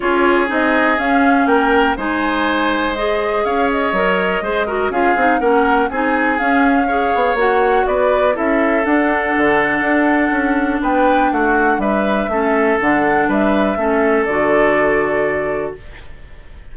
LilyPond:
<<
  \new Staff \with { instrumentName = "flute" } { \time 4/4 \tempo 4 = 122 cis''4 dis''4 f''4 g''4 | gis''2 dis''4 f''8 dis''8~ | dis''2 f''4 fis''4 | gis''4 f''2 fis''4 |
d''4 e''4 fis''2~ | fis''2 g''4 fis''4 | e''2 fis''4 e''4~ | e''4 d''2. | }
  \new Staff \with { instrumentName = "oboe" } { \time 4/4 gis'2. ais'4 | c''2. cis''4~ | cis''4 c''8 ais'8 gis'4 ais'4 | gis'2 cis''2 |
b'4 a'2.~ | a'2 b'4 fis'4 | b'4 a'2 b'4 | a'1 | }
  \new Staff \with { instrumentName = "clarinet" } { \time 4/4 f'4 dis'4 cis'2 | dis'2 gis'2 | ais'4 gis'8 fis'8 f'8 dis'8 cis'4 | dis'4 cis'4 gis'4 fis'4~ |
fis'4 e'4 d'2~ | d'1~ | d'4 cis'4 d'2 | cis'4 fis'2. | }
  \new Staff \with { instrumentName = "bassoon" } { \time 4/4 cis'4 c'4 cis'4 ais4 | gis2. cis'4 | fis4 gis4 cis'8 c'8 ais4 | c'4 cis'4. b8 ais4 |
b4 cis'4 d'4 d4 | d'4 cis'4 b4 a4 | g4 a4 d4 g4 | a4 d2. | }
>>